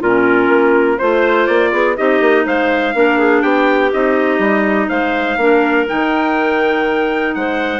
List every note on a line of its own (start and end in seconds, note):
0.00 0.48 A#2
0.00 0.99 C#4
0.00 0.97 F4
0.00 0.99 A#4
0.48 0.97 A#3
0.97 1.48 A3
0.97 1.97 F4
0.97 1.71 C5
0.97 1.46 C5
1.46 1.72 A#3
1.46 1.95 D5
1.72 1.97 B3
1.72 1.96 G#4
1.97 2.20 C4
1.97 2.94 D#4
1.97 2.45 G4
1.97 2.46 D#5
2.20 2.45 A#3
2.45 2.94 G#3
2.45 2.94 C5
2.45 3.42 F5
2.94 3.43 A#3
2.94 3.91 D4
2.94 3.18 A#4
3.18 3.42 G#4
3.42 3.91 B3
3.42 4.88 G4
3.42 3.91 G5
3.92 4.39 C4
3.92 5.39 D#4
3.92 4.89 D#5
4.39 4.88 G3
4.89 5.37 G#3
4.89 5.37 C5
4.89 5.86 F5
5.37 5.85 A#3
5.37 5.87 D4
5.37 7.36 A#4
5.87 7.35 D#3
5.87 7.80 D#4
5.87 7.35 G5
7.35 7.80 G#3
7.35 7.80 C5
7.35 7.80 F#5